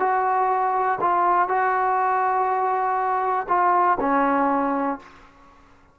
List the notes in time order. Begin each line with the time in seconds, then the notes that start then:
0.00 F#4
1.01 F4
1.49 F#4
3.49 F4
4.00 C#4